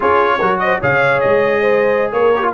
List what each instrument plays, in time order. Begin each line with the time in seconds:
0.00 tuba C#4, trombone F4, horn G#4, trumpet C#5
0.39 tuba F#3, trombone F#4, horn A#4
0.59 horn C5, trumpet D#5
0.80 tuba C#3, trombone G#4, horn C#5, trumpet F5
1.20 tuba G#3, trumpet D#5
1.61 horn C5
2.12 tuba A#3, horn A#4, trumpet C#5
2.35 trombone G4
2.42 trombone F4